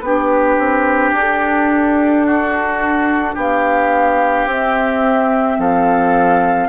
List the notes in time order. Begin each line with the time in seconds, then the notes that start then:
0.00 B3 D4 G4 B4
0.58 C4
1.12 D4 A4
2.26 F#4
3.34 B3 G4 F5
4.45 C4 E5
5.58 F3 A4 F5